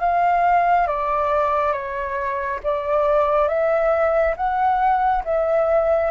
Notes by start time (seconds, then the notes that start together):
0.00 F5
0.87 D5
1.72 C#5
2.63 D5
3.48 E5
4.36 F#5
5.24 E5